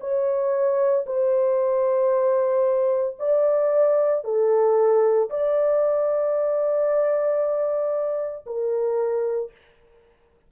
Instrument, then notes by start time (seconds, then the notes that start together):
horn
0.00 C#5
1.06 C5
3.19 D5
4.24 A4
5.30 D5
8.46 A#4